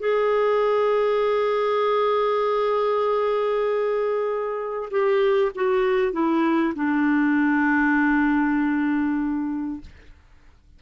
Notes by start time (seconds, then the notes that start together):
0.00 G#4
4.91 G4
5.55 F#4
6.13 E4
6.75 D4